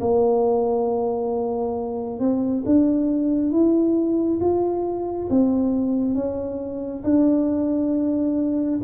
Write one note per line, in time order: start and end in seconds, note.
0.00 2.20 A#3
2.20 2.64 C4
2.66 3.52 D4
3.52 4.40 E4
4.40 5.29 F4
5.30 6.15 C4
6.15 7.03 C#4
7.04 8.80 D4